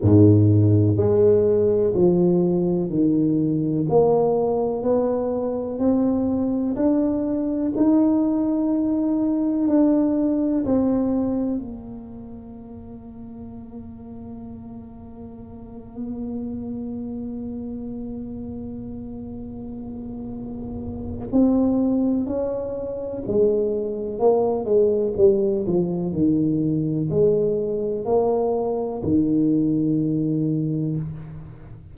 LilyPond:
\new Staff \with { instrumentName = "tuba" } { \time 4/4 \tempo 4 = 62 gis,4 gis4 f4 dis4 | ais4 b4 c'4 d'4 | dis'2 d'4 c'4 | ais1~ |
ais1~ | ais2 c'4 cis'4 | gis4 ais8 gis8 g8 f8 dis4 | gis4 ais4 dis2 | }